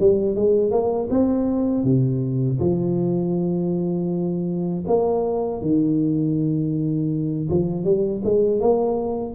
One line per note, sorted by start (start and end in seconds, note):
0.00 0.36 G3
0.36 0.72 G#3
0.72 1.09 A#3
1.11 1.84 C4
1.84 2.59 C3
2.60 4.85 F3
4.87 5.62 A#3
5.62 7.49 D#3
7.50 7.84 F3
7.84 8.22 G3
8.25 8.61 G#3
8.61 9.35 A#3